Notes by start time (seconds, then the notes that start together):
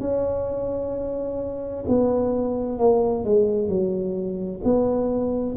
0.00 C#4
1.88 B3
2.78 A#3
3.24 G#3
3.68 F#3
4.64 B3